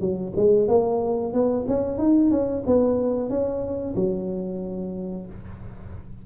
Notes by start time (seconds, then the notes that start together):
0.00 F#3
0.36 G#3
0.68 A#3
1.33 B3
1.67 C#4
1.98 D#4
2.31 C#4
2.66 B3
3.29 C#4
3.95 F#3